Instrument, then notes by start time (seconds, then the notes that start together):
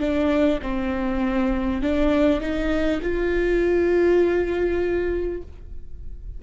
viola
0.00 D4
0.62 C4
1.82 D4
2.41 D#4
3.02 F4